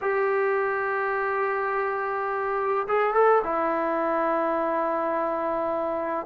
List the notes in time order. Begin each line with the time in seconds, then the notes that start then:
0.01 G4
2.87 G#4
3.14 A4
3.43 E4